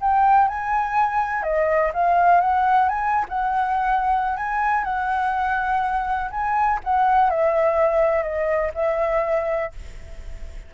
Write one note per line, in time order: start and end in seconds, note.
0.00 0.48 G5
0.48 1.42 G#5
1.42 1.91 D#5
1.93 2.41 F5
2.41 2.88 F#5
2.88 3.25 G#5
3.28 4.37 F#5
4.37 4.84 G#5
4.84 6.30 F#5
6.30 6.79 G#5
6.84 7.30 F#5
7.30 8.22 E5
8.22 8.71 D#5
8.74 9.72 E5